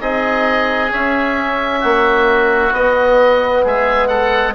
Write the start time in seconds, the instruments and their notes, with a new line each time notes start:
0.00 bassoon C4, trombone D#4, oboe G#4 D#5
0.89 trombone C#4, bassoon C#4, oboe E5
1.80 bassoon A#3, oboe F#4
2.71 bassoon B3, trombone B3, oboe D#5
3.63 bassoon G#3, oboe G#4 E5
4.07 oboe A4 F#5